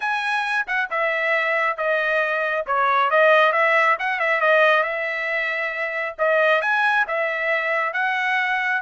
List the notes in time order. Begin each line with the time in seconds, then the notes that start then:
0.00 G#5
0.67 F#5
0.90 E5
1.77 D#5
2.66 C#5
3.10 D#5
3.52 E5
3.99 F#5
4.19 E5
4.40 D#5
4.83 E5
6.18 D#5
6.61 G#5
7.07 E5
7.93 F#5